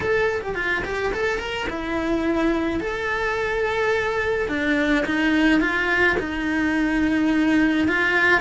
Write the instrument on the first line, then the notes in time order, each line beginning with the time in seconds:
cello
0.00 A4
0.42 G4
0.55 F4
0.84 G4
1.13 A4
1.39 A#4
1.69 E4
2.80 A4
4.48 D4
5.05 D#4
5.60 F4
6.19 D#4
7.88 F4